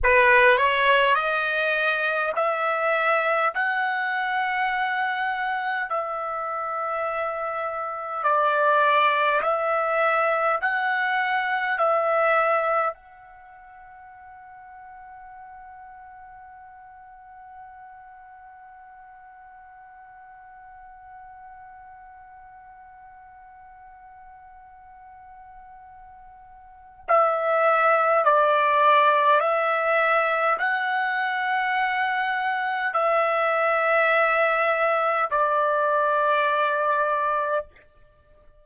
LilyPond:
\new Staff \with { instrumentName = "trumpet" } { \time 4/4 \tempo 4 = 51 b'8 cis''8 dis''4 e''4 fis''4~ | fis''4 e''2 d''4 | e''4 fis''4 e''4 fis''4~ | fis''1~ |
fis''1~ | fis''2. e''4 | d''4 e''4 fis''2 | e''2 d''2 | }